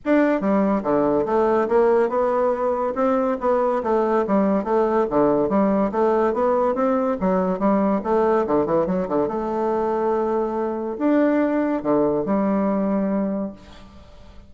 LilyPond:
\new Staff \with { instrumentName = "bassoon" } { \time 4/4 \tempo 4 = 142 d'4 g4 d4 a4 | ais4 b2 c'4 | b4 a4 g4 a4 | d4 g4 a4 b4 |
c'4 fis4 g4 a4 | d8 e8 fis8 d8 a2~ | a2 d'2 | d4 g2. | }